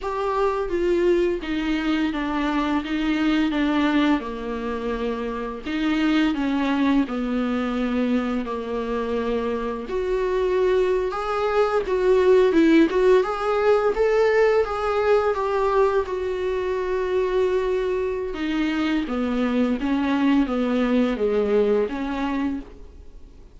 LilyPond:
\new Staff \with { instrumentName = "viola" } { \time 4/4 \tempo 4 = 85 g'4 f'4 dis'4 d'4 | dis'4 d'4 ais2 | dis'4 cis'4 b2 | ais2 fis'4.~ fis'16 gis'16~ |
gis'8. fis'4 e'8 fis'8 gis'4 a'16~ | a'8. gis'4 g'4 fis'4~ fis'16~ | fis'2 dis'4 b4 | cis'4 b4 gis4 cis'4 | }